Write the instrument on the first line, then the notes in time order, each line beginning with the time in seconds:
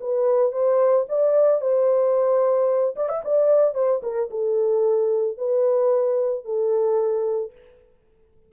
horn
0.00 B4
0.52 C5
1.08 D5
1.61 C5
2.96 D5
3.08 E5
3.24 D5
3.74 C5
4.03 A#4
4.30 A4
5.37 B4
6.45 A4